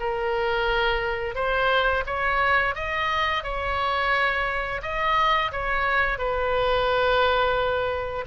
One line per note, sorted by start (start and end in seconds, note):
0.00 1.35 A#4
1.35 2.04 C5
2.06 2.75 C#5
2.75 3.44 D#5
3.44 4.82 C#5
4.82 5.51 D#5
5.52 6.18 C#5
6.18 8.25 B4